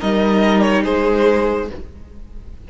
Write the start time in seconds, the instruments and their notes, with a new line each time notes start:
0.00 cello G3, viola D#4, violin A#4 D#5
0.62 violin C#5
0.84 cello G#3, violin G#4 C5